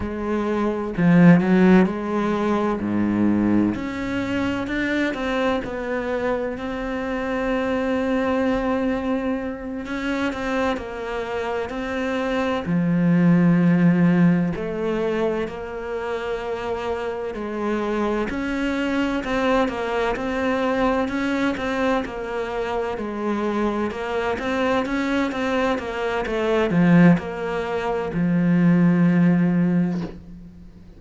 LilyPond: \new Staff \with { instrumentName = "cello" } { \time 4/4 \tempo 4 = 64 gis4 f8 fis8 gis4 gis,4 | cis'4 d'8 c'8 b4 c'4~ | c'2~ c'8 cis'8 c'8 ais8~ | ais8 c'4 f2 a8~ |
a8 ais2 gis4 cis'8~ | cis'8 c'8 ais8 c'4 cis'8 c'8 ais8~ | ais8 gis4 ais8 c'8 cis'8 c'8 ais8 | a8 f8 ais4 f2 | }